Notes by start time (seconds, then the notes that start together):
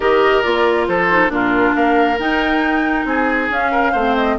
0.00 D#3 G4 A#4 D#5
0.42 A#3 F4 D5
0.87 F3 A4 C5
1.10 D#4
1.28 A#2 D4 F4 A#4
1.75 A#3 A#4 F5
2.19 D#4 G5
3.05 C4 G#4 G#5
3.50 C#4 F5
3.71 A#4
3.92 A3 C4 C5
4.16 D#5